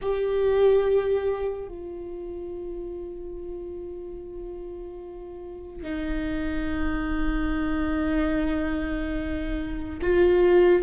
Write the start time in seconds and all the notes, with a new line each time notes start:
0.01 G4
1.68 F4
5.83 D#4
10.02 F4